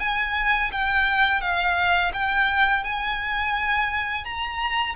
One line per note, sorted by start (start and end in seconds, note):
0.00 0.71 G#5
0.72 1.41 G5
1.41 2.12 F5
2.14 2.84 G5
2.84 4.24 G#5
4.24 4.95 A#5